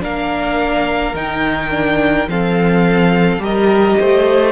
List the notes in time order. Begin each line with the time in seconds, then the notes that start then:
0.00 A#3 D4 A#4 F5
1.14 D#3 D#4 G5
1.71 D4
2.27 F3 C4 A4 F5
3.38 G3 G4 A#4 D#5
4.00 A3 C5